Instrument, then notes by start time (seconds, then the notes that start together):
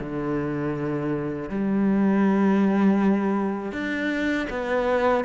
cello
0.00 D3
1.50 G3
3.73 D4
4.50 B3